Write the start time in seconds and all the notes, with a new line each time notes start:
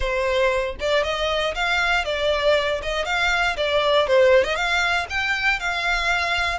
0.00 C5
0.80 D5
1.03 D#5
1.54 F5
2.04 D5
2.82 D#5
3.05 F5
3.56 D5
4.07 C5
4.44 D#5
4.55 F5
5.09 G5
5.59 F5